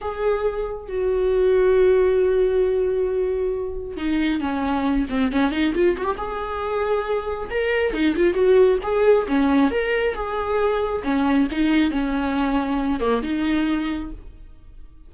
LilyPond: \new Staff \with { instrumentName = "viola" } { \time 4/4 \tempo 4 = 136 gis'2 fis'2~ | fis'1~ | fis'4 dis'4 cis'4. c'8 | cis'8 dis'8 f'8 fis'16 g'16 gis'2~ |
gis'4 ais'4 dis'8 f'8 fis'4 | gis'4 cis'4 ais'4 gis'4~ | gis'4 cis'4 dis'4 cis'4~ | cis'4. ais8 dis'2 | }